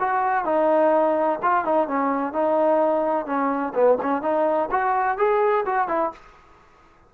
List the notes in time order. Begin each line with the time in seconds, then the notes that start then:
0.00 F#4
0.45 D#4
1.43 F4
1.65 D#4
1.88 C#4
2.33 D#4
3.27 C#4
3.75 B3
4.03 C#4
4.22 D#4
4.72 F#4
5.18 G#4
5.66 F#4
5.89 E4